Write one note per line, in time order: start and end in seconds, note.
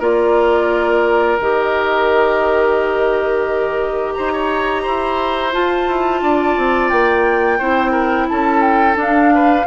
0.00 1.38 A#3
0.00 1.39 F4
0.00 4.14 A#4
0.00 1.39 D5
1.39 4.17 D#3
1.39 5.53 G4
1.39 4.13 D#5
4.13 4.87 D#4
4.13 4.33 C5
4.13 5.51 A#5
4.33 4.83 C#5
4.83 5.55 E4
4.83 6.21 C5
5.53 7.59 F4
5.53 5.88 F4
5.53 6.90 A5
5.88 6.22 E4
6.22 6.56 D4
6.22 7.59 D5
6.57 6.92 C4
6.90 7.60 A#3
6.90 8.27 G5
7.59 8.29 C4
7.59 8.96 E4
7.59 7.92 C5
7.92 8.26 A#4
8.28 8.96 C#4
8.28 9.35 A4
8.28 8.61 A5
8.61 8.96 G5
8.96 9.65 D4
8.96 9.67 F5
9.35 9.67 B4